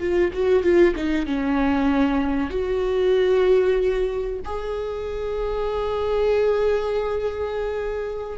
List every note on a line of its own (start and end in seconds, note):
0.00 0.32 F4
0.33 0.63 F#4
0.63 0.95 F4
0.96 1.26 D#4
1.26 2.50 C#4
2.50 4.40 F#4
4.45 8.38 G#4